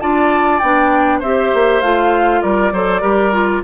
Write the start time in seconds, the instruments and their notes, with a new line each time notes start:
0.00 bassoon D4, clarinet F4, oboe D5, flute A5
0.59 bassoon B3, clarinet D4, flute G5
1.19 bassoon C4, clarinet G4, oboe C5, flute E5
1.53 bassoon A#3
1.81 bassoon A3, clarinet F4, flute F5
2.41 bassoon G3, oboe A#4, flute D5
2.72 bassoon F#3, clarinet A4, oboe C5
3.01 bassoon G3, clarinet G4, oboe A#4
3.32 clarinet F4